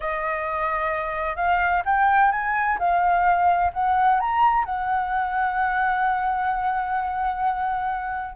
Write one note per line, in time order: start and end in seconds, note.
0.00 1.36 D#5
1.36 1.82 F5
1.85 2.31 G5
2.31 2.78 G#5
2.79 3.72 F5
3.73 4.19 F#5
4.20 4.64 A#5
4.64 8.36 F#5